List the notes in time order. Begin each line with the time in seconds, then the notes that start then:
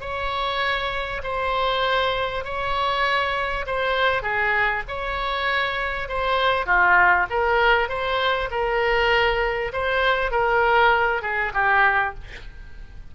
0.00 C#5
1.23 C5
2.44 C#5
3.66 C5
4.22 G#4
4.88 C#5
6.08 C5
6.66 F4
7.30 A#4
7.88 C5
8.50 A#4
9.72 C5
10.31 A#4
11.22 G#4
11.53 G4